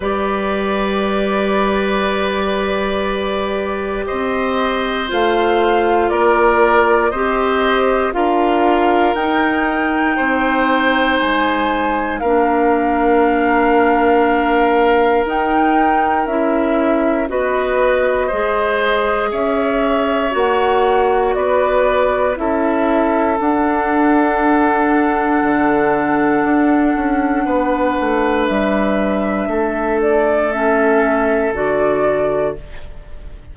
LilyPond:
<<
  \new Staff \with { instrumentName = "flute" } { \time 4/4 \tempo 4 = 59 d''1 | dis''4 f''4 d''4 dis''4 | f''4 g''2 gis''4 | f''2. g''4 |
e''4 dis''2 e''4 | fis''4 d''4 e''4 fis''4~ | fis''1 | e''4. d''8 e''4 d''4 | }
  \new Staff \with { instrumentName = "oboe" } { \time 4/4 b'1 | c''2 ais'4 c''4 | ais'2 c''2 | ais'1~ |
ais'4 b'4 c''4 cis''4~ | cis''4 b'4 a'2~ | a'2. b'4~ | b'4 a'2. | }
  \new Staff \with { instrumentName = "clarinet" } { \time 4/4 g'1~ | g'4 f'2 g'4 | f'4 dis'2. | d'2. dis'4 |
e'4 fis'4 gis'2 | fis'2 e'4 d'4~ | d'1~ | d'2 cis'4 fis'4 | }
  \new Staff \with { instrumentName = "bassoon" } { \time 4/4 g1 | c'4 a4 ais4 c'4 | d'4 dis'4 c'4 gis4 | ais2. dis'4 |
cis'4 b4 gis4 cis'4 | ais4 b4 cis'4 d'4~ | d'4 d4 d'8 cis'8 b8 a8 | g4 a2 d4 | }
>>